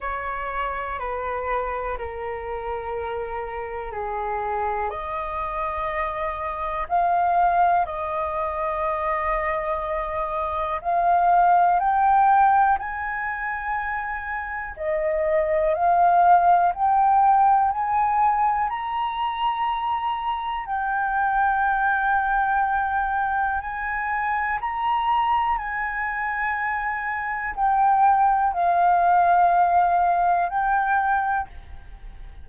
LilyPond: \new Staff \with { instrumentName = "flute" } { \time 4/4 \tempo 4 = 61 cis''4 b'4 ais'2 | gis'4 dis''2 f''4 | dis''2. f''4 | g''4 gis''2 dis''4 |
f''4 g''4 gis''4 ais''4~ | ais''4 g''2. | gis''4 ais''4 gis''2 | g''4 f''2 g''4 | }